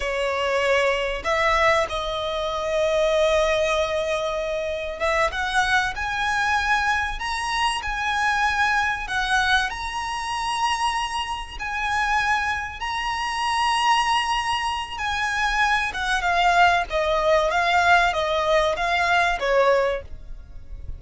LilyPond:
\new Staff \with { instrumentName = "violin" } { \time 4/4 \tempo 4 = 96 cis''2 e''4 dis''4~ | dis''1 | e''8 fis''4 gis''2 ais''8~ | ais''8 gis''2 fis''4 ais''8~ |
ais''2~ ais''8 gis''4.~ | gis''8 ais''2.~ ais''8 | gis''4. fis''8 f''4 dis''4 | f''4 dis''4 f''4 cis''4 | }